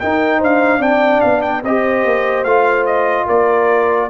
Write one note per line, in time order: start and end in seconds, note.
0.00 0.81 D#4
0.00 0.42 D#4
0.00 0.38 A#4
0.00 0.41 G5
0.38 0.79 D4
0.38 0.79 C5
0.38 0.82 F5
0.79 1.20 C4
0.79 1.63 D4
0.79 1.61 D5
0.79 1.21 G5
1.21 1.64 B3
1.21 1.42 F5
1.42 1.62 G5
1.64 2.05 C4
1.64 2.46 G4
1.64 3.26 C5
1.64 2.44 D#5
2.05 2.45 A#3
2.44 3.27 A3
2.44 4.10 F4
2.44 2.85 F5
2.86 3.27 D#5
3.26 4.11 A#3
3.26 4.09 A#4
3.26 4.11 D5